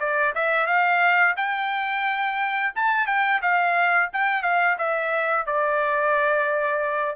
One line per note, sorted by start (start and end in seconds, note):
0.00 0.34 D5
0.35 0.67 E5
0.67 1.35 F5
1.37 2.73 G5
2.76 3.07 A5
3.07 3.41 G5
3.42 4.10 F5
4.13 4.43 G5
4.43 4.77 F5
4.78 5.46 E5
5.46 7.16 D5